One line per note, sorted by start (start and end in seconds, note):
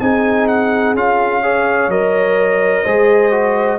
0.00 0.95 C4
0.00 0.97 D#4
0.00 1.43 G#4
0.00 0.48 G#5
0.48 0.96 F#5
0.95 1.88 C#4
0.95 1.43 F4
0.95 1.91 F5
1.43 1.91 G#4
1.43 2.84 C#5
1.88 2.84 F#3
1.88 2.86 A#4
1.88 3.80 D#5
2.84 3.80 G#3
2.84 3.32 G#4
2.84 3.79 C5
3.32 3.79 F#4